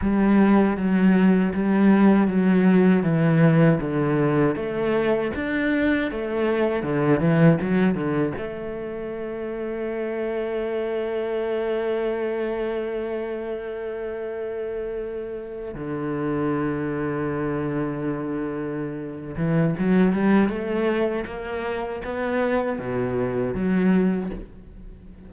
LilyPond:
\new Staff \with { instrumentName = "cello" } { \time 4/4 \tempo 4 = 79 g4 fis4 g4 fis4 | e4 d4 a4 d'4 | a4 d8 e8 fis8 d8 a4~ | a1~ |
a1~ | a8. d2.~ d16~ | d4. e8 fis8 g8 a4 | ais4 b4 b,4 fis4 | }